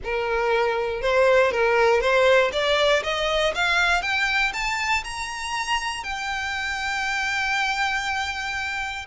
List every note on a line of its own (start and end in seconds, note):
0.04 1.01 A#4
1.01 1.51 C5
1.51 2.01 A#4
2.01 2.51 C5
2.52 3.03 D5
3.03 3.53 D#5
3.54 4.02 F5
4.02 4.52 G5
4.53 5.03 A5
5.04 6.03 A#5
6.03 9.06 G5